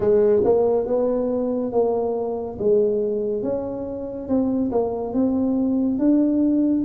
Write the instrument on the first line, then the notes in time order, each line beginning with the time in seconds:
tuba
0.00 G#3
0.44 A#3
0.86 B3
1.71 A#3
2.59 G#3
3.42 C#4
4.28 C4
4.71 A#3
5.13 C4
5.98 D4